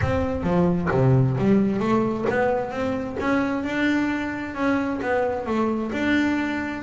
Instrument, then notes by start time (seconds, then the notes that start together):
double bass
0.01 C4
0.43 F3
0.91 C3
1.37 G3
1.79 A3
2.29 B3
2.70 C4
3.20 C#4
3.63 D4
4.54 C#4
5.02 B3
5.46 A3
5.92 D4